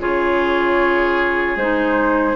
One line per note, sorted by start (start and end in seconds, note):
0.00 1.57 C#3
0.00 1.58 F4
0.00 2.36 G#4
0.00 1.58 C#5
1.57 2.36 G#3
1.57 2.36 D#4
1.57 2.36 C5